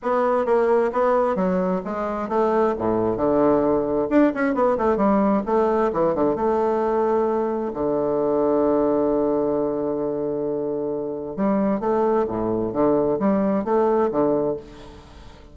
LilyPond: \new Staff \with { instrumentName = "bassoon" } { \time 4/4 \tempo 4 = 132 b4 ais4 b4 fis4 | gis4 a4 a,4 d4~ | d4 d'8 cis'8 b8 a8 g4 | a4 e8 d8 a2~ |
a4 d2.~ | d1~ | d4 g4 a4 a,4 | d4 g4 a4 d4 | }